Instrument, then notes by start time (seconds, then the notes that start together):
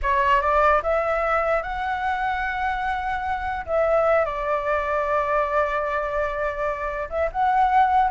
flute
0.02 C#5
0.41 D5
0.83 E5
1.62 F#5
3.66 E5
4.25 D5
7.09 E5
7.31 F#5